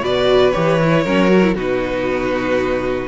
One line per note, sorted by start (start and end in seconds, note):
0.00 0.52 B2
0.00 0.52 F#4
0.00 1.03 B4
0.00 0.51 D5
0.51 1.05 E3
0.51 0.79 G4
0.51 1.55 C#5
0.82 1.06 E4
1.03 1.55 F#3
1.03 1.28 C#4
1.03 1.55 A#4
1.28 1.41 F#4
1.42 1.55 E4
1.55 3.08 B2
1.55 3.08 D#4
1.55 3.08 F#4
1.55 3.08 B4